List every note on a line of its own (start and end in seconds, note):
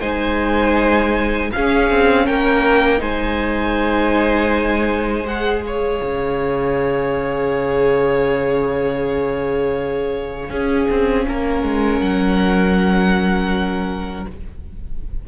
0.00 1.51 G#3
0.00 1.51 D#4
0.00 1.50 C5
0.00 1.51 G#5
1.52 2.98 C#4
1.52 1.90 C#4
1.52 2.26 G#4
1.52 2.26 F5
1.90 2.28 C4
2.26 3.00 A#3
2.26 3.01 A#4
2.26 3.01 G5
2.98 6.00 G#3
2.98 5.23 D#4
2.98 5.63 C5
2.98 5.27 G#5
5.25 10.50 G#4
5.25 5.63 F#5
5.63 10.51 C#5
5.63 12.01 F5
6.02 10.50 C#3
10.50 10.87 C#4
10.50 14.25 C#4
10.50 11.26 G#4
10.90 11.28 C4
11.28 11.63 A#3
11.28 14.28 A#4
11.63 12.00 G#3
12.01 14.26 F#3
12.01 14.26 F#5